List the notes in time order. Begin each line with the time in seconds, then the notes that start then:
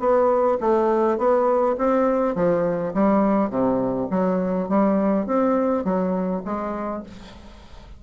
0.00 B3
0.60 A3
1.18 B3
1.78 C4
2.35 F3
2.94 G3
3.50 C3
4.11 F#3
4.69 G3
5.27 C4
5.85 F#3
6.45 G#3